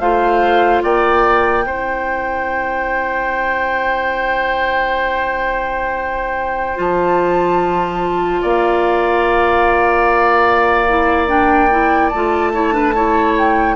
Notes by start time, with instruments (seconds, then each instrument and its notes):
0.00 bassoon A3, clarinet F4, oboe C5, flute F5
0.83 bassoon A#3, oboe D5, flute G5
1.66 bassoon C4, clarinet E4, oboe C5
6.76 bassoon F3, clarinet F4, flute A5
8.42 bassoon A#3, oboe D5, flute F5
10.89 clarinet E4
11.28 clarinet D4, flute G5
11.71 clarinet E4
12.09 bassoon A3, clarinet F4, flute A5
12.54 clarinet E4, oboe C#5
12.73 clarinet D4, oboe B4
12.95 clarinet E4, oboe C#5
13.38 flute G5